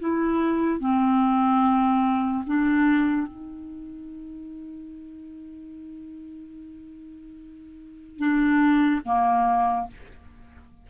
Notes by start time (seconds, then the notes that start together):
0.00 E4
0.80 C4
2.47 D4
3.27 D#4
8.19 D4
9.05 A#3